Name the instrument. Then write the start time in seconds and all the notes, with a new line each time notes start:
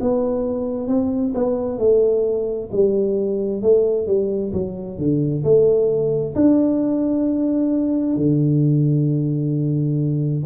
tuba
0.00 B3
0.87 C4
1.34 B3
1.78 A3
2.71 G3
3.62 A3
4.07 G3
4.52 F#3
4.98 D3
5.43 A3
6.35 D4
8.15 D3